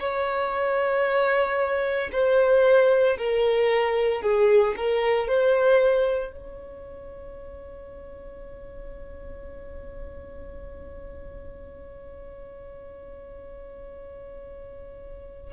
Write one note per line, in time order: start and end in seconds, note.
0.00 2.11 C#5
2.12 3.18 C5
3.18 4.22 A#4
4.22 4.75 G#4
4.77 5.28 A#4
5.28 6.33 C5
6.33 15.54 C#5